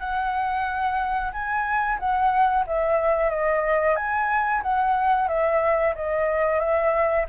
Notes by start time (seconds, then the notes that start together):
0.00 F#5
1.33 G#5
1.99 F#5
2.67 E5
3.30 D#5
3.96 G#5
4.62 F#5
5.28 E5
5.96 D#5
6.60 E5